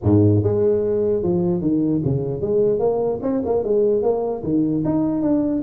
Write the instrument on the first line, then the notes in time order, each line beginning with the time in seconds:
tuba
0.03 G#2
0.43 G#3
1.22 F3
1.61 D#3
2.04 C#3
2.41 G#3
2.79 A#3
3.22 C4
3.45 A#3
3.63 G#3
4.02 A#3
4.43 D#3
4.84 D#4
5.21 D4